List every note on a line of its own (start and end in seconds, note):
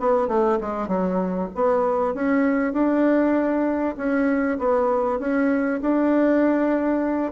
0.00 0.28 B3
0.28 0.59 A3
0.61 0.88 G#3
0.88 1.49 F#3
1.55 2.15 B3
2.15 2.73 C#4
2.73 3.96 D4
3.97 4.58 C#4
4.59 5.20 B3
5.20 5.81 C#4
5.82 7.32 D4